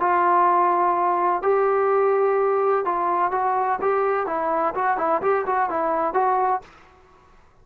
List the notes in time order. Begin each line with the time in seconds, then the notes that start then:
0.00 F4
1.42 G4
2.85 F4
3.32 F#4
3.81 G4
4.27 E4
4.75 F#4
4.98 E4
5.22 G4
5.46 F#4
5.70 E4
6.14 F#4